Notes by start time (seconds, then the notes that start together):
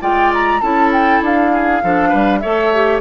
0.00 G#3 F4 D5 G5
0.34 A#5
0.61 C#4 E4 A4 A5
0.92 G5
1.21 D4 F5
1.52 G#4
1.83 F3 D4 A4
2.08 G3 B4
2.40 A3 A4 C#5 E5
2.73 G4